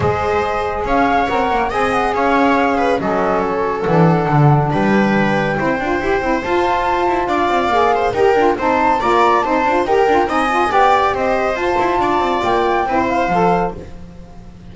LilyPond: <<
  \new Staff \with { instrumentName = "flute" } { \time 4/4 \tempo 4 = 140 dis''2 f''4 fis''4 | gis''8 fis''8 f''2 dis''4 | cis''4 fis''2 g''4~ | g''2. a''4~ |
a''4 f''2 g''4 | a''4 ais''4 a''4 g''4 | gis''4 g''4 dis''4 a''4~ | a''4 g''4. f''4. | }
  \new Staff \with { instrumentName = "viola" } { \time 4/4 c''2 cis''2 | dis''4 cis''4. b'8 a'4~ | a'2. b'4~ | b'4 c''2.~ |
c''4 d''4. c''8 ais'4 | c''4 d''4 c''4 ais'4 | dis''4 d''4 c''2 | d''2 c''2 | }
  \new Staff \with { instrumentName = "saxophone" } { \time 4/4 gis'2. ais'4 | gis'2. cis'4~ | cis'4 d'2.~ | d'4 e'8 f'8 g'8 e'8 f'4~ |
f'2 gis'4 g'8 f'8 | dis'4 f'4 dis'8 f'8 g'8 f'8 | dis'8 f'8 g'2 f'4~ | f'2 e'4 a'4 | }
  \new Staff \with { instrumentName = "double bass" } { \time 4/4 gis2 cis'4 c'8 ais8 | c'4 cis'2 fis4~ | fis4 e4 d4 g4~ | g4 c'8 d'8 e'8 c'8 f'4~ |
f'8 e'8 d'8 c'8 ais4 dis'8 d'8 | c'4 ais4 c'8 d'8 dis'8 d'8 | c'4 b4 c'4 f'8 e'8 | d'8 c'8 ais4 c'4 f4 | }
>>